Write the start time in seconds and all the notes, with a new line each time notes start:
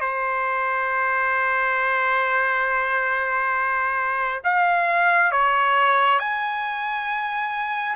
0.00 C5
4.44 F5
5.31 C#5
6.19 G#5